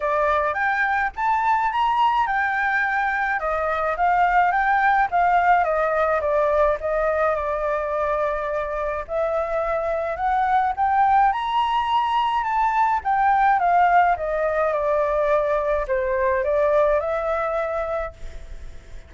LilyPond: \new Staff \with { instrumentName = "flute" } { \time 4/4 \tempo 4 = 106 d''4 g''4 a''4 ais''4 | g''2 dis''4 f''4 | g''4 f''4 dis''4 d''4 | dis''4 d''2. |
e''2 fis''4 g''4 | ais''2 a''4 g''4 | f''4 dis''4 d''2 | c''4 d''4 e''2 | }